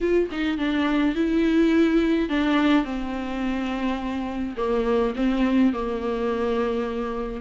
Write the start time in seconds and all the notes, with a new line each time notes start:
0.00 F4
0.31 D#4
0.57 D4
1.15 E4
2.29 D4
2.84 C4
4.57 A#3
5.15 C4
5.72 A#3